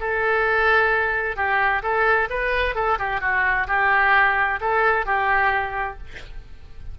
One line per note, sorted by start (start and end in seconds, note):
0.00 1.36 A4
1.36 1.82 G4
1.82 2.28 A4
2.30 2.75 B4
2.75 2.98 A4
2.99 3.21 G4
3.21 3.67 F#4
3.67 4.60 G4
4.60 5.05 A4
5.05 5.98 G4